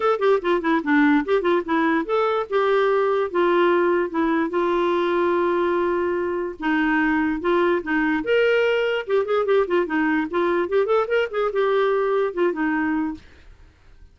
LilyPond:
\new Staff \with { instrumentName = "clarinet" } { \time 4/4 \tempo 4 = 146 a'8 g'8 f'8 e'8 d'4 g'8 f'8 | e'4 a'4 g'2 | f'2 e'4 f'4~ | f'1 |
dis'2 f'4 dis'4 | ais'2 g'8 gis'8 g'8 f'8 | dis'4 f'4 g'8 a'8 ais'8 gis'8 | g'2 f'8 dis'4. | }